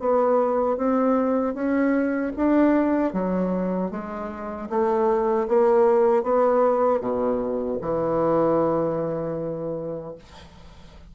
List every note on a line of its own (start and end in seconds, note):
0.00 0.78 B3
0.78 1.55 C4
1.55 2.33 C#4
2.37 3.14 D4
3.14 3.91 F#3
3.91 4.69 G#3
4.70 5.48 A3
5.49 6.24 A#3
6.24 7.01 B3
7.01 7.79 B2
7.82 10.15 E3